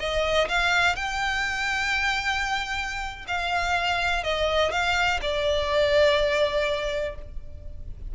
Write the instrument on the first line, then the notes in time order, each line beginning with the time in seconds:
violin
0.00 D#5
0.49 F5
0.96 G5
3.28 F5
4.24 D#5
4.72 F5
5.22 D5